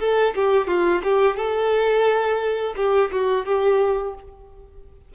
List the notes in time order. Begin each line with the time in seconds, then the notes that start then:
0.00 A4
0.35 G4
0.67 F4
1.03 G4
1.37 A4
2.76 G4
3.12 F#4
3.46 G4